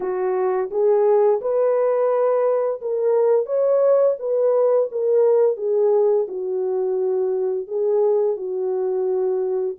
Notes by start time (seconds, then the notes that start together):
0.00 F#4
0.70 G#4
1.41 B4
2.81 A#4
3.45 C#5
4.19 B4
4.91 A#4
5.57 G#4
6.28 F#4
7.67 G#4
8.36 F#4